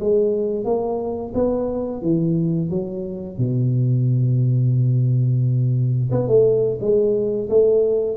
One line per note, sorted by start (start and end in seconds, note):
0.00 0.64 G#3
0.64 1.33 A#3
1.35 2.02 B3
2.02 2.70 E3
2.70 3.38 F#3
3.38 6.11 B2
6.12 6.28 B3
6.28 6.79 A3
6.81 7.49 G#3
7.49 8.17 A3